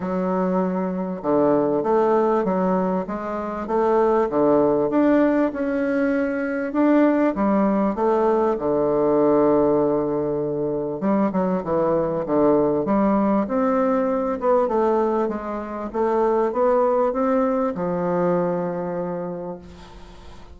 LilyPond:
\new Staff \with { instrumentName = "bassoon" } { \time 4/4 \tempo 4 = 98 fis2 d4 a4 | fis4 gis4 a4 d4 | d'4 cis'2 d'4 | g4 a4 d2~ |
d2 g8 fis8 e4 | d4 g4 c'4. b8 | a4 gis4 a4 b4 | c'4 f2. | }